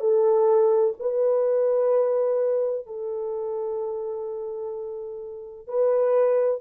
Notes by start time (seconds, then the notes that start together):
0.00 A4
0.99 B4
2.86 A4
5.68 B4